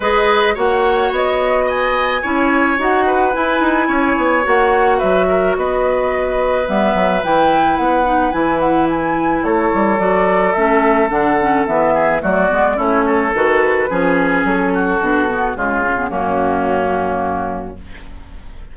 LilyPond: <<
  \new Staff \with { instrumentName = "flute" } { \time 4/4 \tempo 4 = 108 dis''4 fis''4 dis''4 gis''4~ | gis''4 fis''4 gis''2 | fis''4 e''4 dis''2 | e''4 g''4 fis''4 gis''8 fis''8 |
gis''4 cis''4 d''4 e''4 | fis''4 e''4 d''4 cis''4 | b'2 a'2 | gis'4 fis'2. | }
  \new Staff \with { instrumentName = "oboe" } { \time 4/4 b'4 cis''2 dis''4 | cis''4. b'4. cis''4~ | cis''4 b'8 ais'8 b'2~ | b'1~ |
b'4 a'2.~ | a'4. gis'8 fis'4 e'8 a'8~ | a'4 gis'4. fis'4. | f'4 cis'2. | }
  \new Staff \with { instrumentName = "clarinet" } { \time 4/4 gis'4 fis'2. | e'4 fis'4 e'2 | fis'1 | b4 e'4. dis'8 e'4~ |
e'2 fis'4 cis'4 | d'8 cis'8 b4 a8 b8 cis'4 | fis'4 cis'2 d'8 b8 | gis8 cis'16 b16 ais2. | }
  \new Staff \with { instrumentName = "bassoon" } { \time 4/4 gis4 ais4 b2 | cis'4 dis'4 e'8 dis'8 cis'8 b8 | ais4 fis4 b2 | g8 fis8 e4 b4 e4~ |
e4 a8 g8 fis4 a4 | d4 e4 fis8 gis8 a4 | dis4 f4 fis4 b,4 | cis4 fis,2. | }
>>